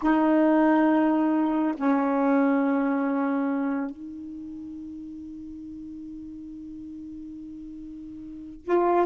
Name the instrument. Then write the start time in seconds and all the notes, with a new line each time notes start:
saxophone
0.02 D#4
1.76 C#4
3.90 D#4
8.64 F4